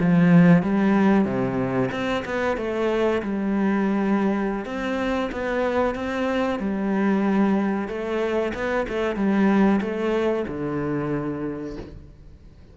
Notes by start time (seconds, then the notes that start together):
0.00 F3
0.63 G3
1.25 C3
1.91 C4
2.25 B3
2.57 A3
3.22 G3
4.66 C4
5.32 B3
5.95 C4
6.59 G3
7.88 A3
8.54 B3
8.89 A3
9.16 G3
9.81 A3
10.48 D3